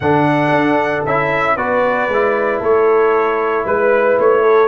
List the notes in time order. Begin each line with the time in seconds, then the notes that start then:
0.00 D3 D4 A4 F#5
0.51 D4
1.05 C#4 E4 E5
1.56 B3 F#4 B4 D5
2.07 G#3 E4
2.60 A3 A4 C#5
3.65 G#3 B4
4.19 A3 C#5
4.42 A4